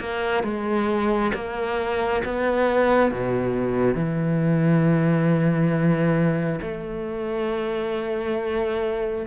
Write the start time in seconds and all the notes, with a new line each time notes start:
0.00 A#3
0.44 G#3
1.35 A#3
2.25 B3
3.12 B2
3.95 E3
6.62 A3